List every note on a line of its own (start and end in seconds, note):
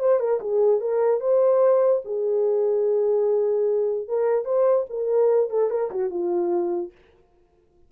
0.00 0.20 C5
0.20 0.40 A#4
0.41 0.81 G#4
0.81 1.20 A#4
1.20 2.02 C5
2.05 4.08 G#4
4.08 4.45 A#4
4.45 4.86 C5
4.90 5.50 A#4
5.50 5.70 A4
5.70 5.91 A#4
5.91 6.10 F#4
6.10 6.92 F4